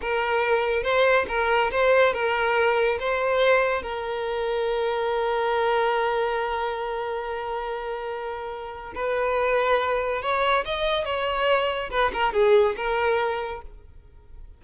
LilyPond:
\new Staff \with { instrumentName = "violin" } { \time 4/4 \tempo 4 = 141 ais'2 c''4 ais'4 | c''4 ais'2 c''4~ | c''4 ais'2.~ | ais'1~ |
ais'1~ | ais'4 b'2. | cis''4 dis''4 cis''2 | b'8 ais'8 gis'4 ais'2 | }